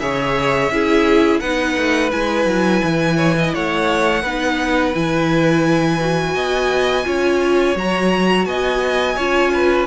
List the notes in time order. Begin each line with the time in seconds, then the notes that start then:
0.00 C#3 G#4 C#5 E5
0.70 C#4 E4 G#4
1.40 B3 D#4 B4 F#5
1.77 A3
2.10 G#3 E4 G#5
2.46 F#3
2.83 E3
3.17 C#5
3.38 D#5
3.55 A3 C#5 F#5
4.22 B3 D#4 B4
4.94 E3 E4 G#5
6.00 F#4
6.35 B3 D#5
7.04 C#4 F4 C#5
7.76 F#3 F#4 A#5
8.46 B3 D#5 G#5
9.16 C#4 F4 C#5
9.54 B4